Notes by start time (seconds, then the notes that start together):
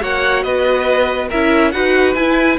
0.00 A#3 F#4 C#5 F#5
0.43 B3 B4 D#5
1.28 C#4 E4 A#4 E5
1.71 D#4 F#4 B4 F#5
2.15 E4 G#5